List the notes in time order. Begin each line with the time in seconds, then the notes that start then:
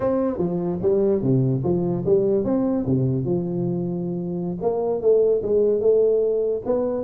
0.00 C4
0.37 F3
0.82 G3
1.22 C3
1.63 F3
2.05 G3
2.44 C4
2.86 C3
3.24 F3
4.61 A#3
5.01 A3
5.42 G#3
5.80 A3
6.65 B3